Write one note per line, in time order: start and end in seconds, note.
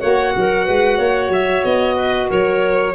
0.00 0.35 A#3
0.00 2.94 F#4
0.00 0.33 C#5
0.00 1.30 F#5
0.36 0.69 F#3
0.36 0.65 A#4
0.65 0.99 G#3
0.65 0.98 B4
0.98 1.29 A#3
0.98 1.95 C#5
1.29 1.62 F#3
1.29 1.64 E5
1.64 2.30 B3
1.64 2.29 D#5
1.96 2.28 B4
2.29 2.95 F#3
2.29 2.94 A#4
2.29 2.95 C#5